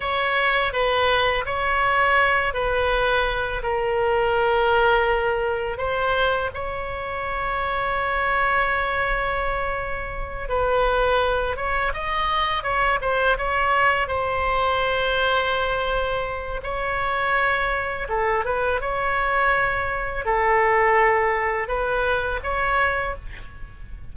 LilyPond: \new Staff \with { instrumentName = "oboe" } { \time 4/4 \tempo 4 = 83 cis''4 b'4 cis''4. b'8~ | b'4 ais'2. | c''4 cis''2.~ | cis''2~ cis''8 b'4. |
cis''8 dis''4 cis''8 c''8 cis''4 c''8~ | c''2. cis''4~ | cis''4 a'8 b'8 cis''2 | a'2 b'4 cis''4 | }